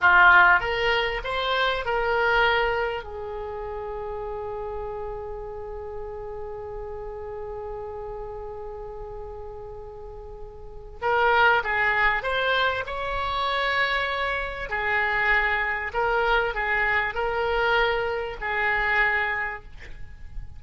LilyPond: \new Staff \with { instrumentName = "oboe" } { \time 4/4 \tempo 4 = 98 f'4 ais'4 c''4 ais'4~ | ais'4 gis'2.~ | gis'1~ | gis'1~ |
gis'2 ais'4 gis'4 | c''4 cis''2. | gis'2 ais'4 gis'4 | ais'2 gis'2 | }